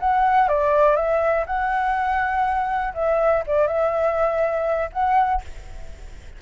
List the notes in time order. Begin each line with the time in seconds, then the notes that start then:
0.00 F#5
0.48 D5
0.96 E5
1.46 F#5
2.94 E5
3.47 D5
3.67 E5
4.92 F#5